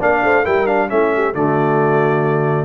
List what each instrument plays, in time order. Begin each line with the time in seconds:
0.00 tuba A#3, trombone D4, horn D5, trumpet F5
0.23 tuba A3, horn C5
0.43 tuba G3, trombone E4, horn A#4, trumpet G5
0.66 trombone D4, trumpet F5
0.89 tuba A3, trombone C#4, horn E4, trumpet E5
1.14 horn G4
1.34 tuba D3, trombone A3, horn F#4, trumpet D5